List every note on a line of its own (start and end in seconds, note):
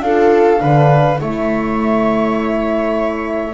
0.00 0.59 D4
0.00 0.59 F4
0.00 0.61 A4
0.00 1.19 F5
0.59 1.20 D3
0.59 1.17 D4
0.59 1.20 B4
1.18 3.54 A3
1.18 3.54 E4
1.18 3.54 C#5
1.18 3.54 E5